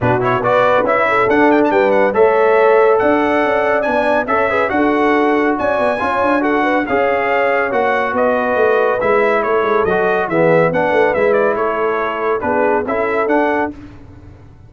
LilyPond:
<<
  \new Staff \with { instrumentName = "trumpet" } { \time 4/4 \tempo 4 = 140 b'8 cis''8 d''4 e''4 fis''8 g''16 a''16 | g''8 fis''8 e''2 fis''4~ | fis''4 gis''4 e''4 fis''4~ | fis''4 gis''2 fis''4 |
f''2 fis''4 dis''4~ | dis''4 e''4 cis''4 dis''4 | e''4 fis''4 e''8 d''8 cis''4~ | cis''4 b'4 e''4 fis''4 | }
  \new Staff \with { instrumentName = "horn" } { \time 4/4 fis'4 b'4. a'4. | b'4 cis''2 d''4~ | d''2 cis''8 b'8 a'4~ | a'4 d''4 cis''4 a'8 b'8 |
cis''2. b'4~ | b'2 a'2 | gis'4 b'2 a'4~ | a'4 gis'4 a'2 | }
  \new Staff \with { instrumentName = "trombone" } { \time 4/4 d'8 e'8 fis'4 e'4 d'4~ | d'4 a'2.~ | a'4 d'4 a'8 gis'8 fis'4~ | fis'2 f'4 fis'4 |
gis'2 fis'2~ | fis'4 e'2 fis'4 | b4 d'4 e'2~ | e'4 d'4 e'4 d'4 | }
  \new Staff \with { instrumentName = "tuba" } { \time 4/4 b,4 b4 cis'4 d'4 | g4 a2 d'4 | cis'4 b4 cis'4 d'4~ | d'4 cis'8 b8 cis'8 d'4. |
cis'2 ais4 b4 | a4 gis4 a8 gis8 fis4 | e4 b8 a8 gis4 a4~ | a4 b4 cis'4 d'4 | }
>>